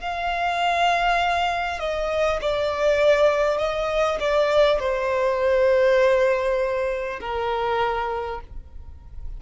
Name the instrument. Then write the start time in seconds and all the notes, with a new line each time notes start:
violin
0.00 F5
1.79 D#5
2.41 D5
3.58 D#5
4.20 D5
4.79 C5
7.20 A#4